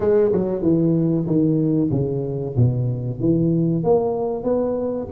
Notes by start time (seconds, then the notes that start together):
0.00 G#3
0.32 F#3
0.62 E3
1.26 D#3
1.91 C#3
2.56 B2
3.19 E3
3.83 A#3
4.43 B3